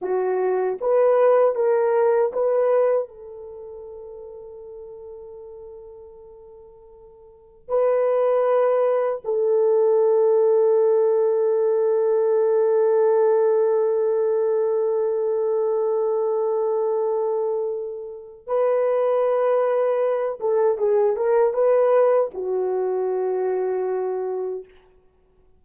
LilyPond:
\new Staff \with { instrumentName = "horn" } { \time 4/4 \tempo 4 = 78 fis'4 b'4 ais'4 b'4 | a'1~ | a'2 b'2 | a'1~ |
a'1~ | a'1 | b'2~ b'8 a'8 gis'8 ais'8 | b'4 fis'2. | }